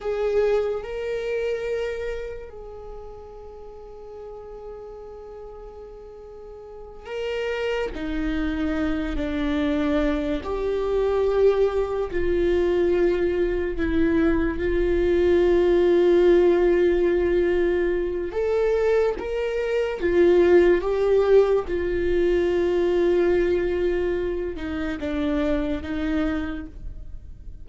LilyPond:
\new Staff \with { instrumentName = "viola" } { \time 4/4 \tempo 4 = 72 gis'4 ais'2 gis'4~ | gis'1~ | gis'8 ais'4 dis'4. d'4~ | d'8 g'2 f'4.~ |
f'8 e'4 f'2~ f'8~ | f'2 a'4 ais'4 | f'4 g'4 f'2~ | f'4. dis'8 d'4 dis'4 | }